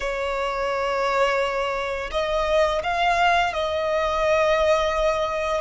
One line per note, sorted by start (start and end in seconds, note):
0.00 2.10 C#5
2.11 2.81 D#5
2.83 3.53 F5
3.53 5.61 D#5